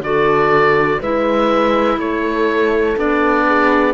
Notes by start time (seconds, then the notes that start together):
0.00 D3 F#4 A4 D5
1.00 G#3 E4 B4 E5
1.98 A3 A4 C#5
2.97 B3 D4 D5
3.47 G#4